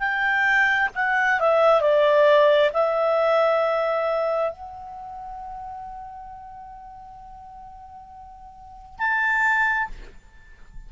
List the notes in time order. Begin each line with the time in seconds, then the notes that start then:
0.00 G5
0.95 F#5
1.40 E5
1.82 D5
2.74 E5
4.52 F#5
8.99 A5